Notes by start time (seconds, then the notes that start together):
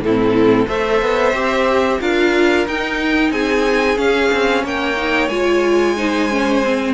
0.00 A2 E4 A4
0.07 C4
0.67 A3 A4 C5 E5
1.02 B3
1.33 C4 G4
2.01 D4 F4 A#4 F5
2.68 D#4 G5
3.31 C4 G#4 G#5
3.96 C#4 F5
4.33 C4
4.64 A#3 C#5 G5
4.97 D#4
5.28 G#3 F4 G#5
5.96 D#4 C5
6.30 C#4
6.64 C4